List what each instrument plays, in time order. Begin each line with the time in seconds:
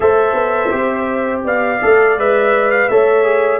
0.00 tuba A3, trombone A4, horn C5, trumpet E5
0.33 tuba B3
0.70 tuba C4, trombone G4
1.44 tuba B3, horn D5, trumpet F5
1.81 tuba A3, trombone A4
2.16 tuba G#3, trombone B4, trumpet E5
2.70 trumpet F5
2.88 tuba A3, trombone A4, horn C#5, trumpet E5
3.24 trombone G#4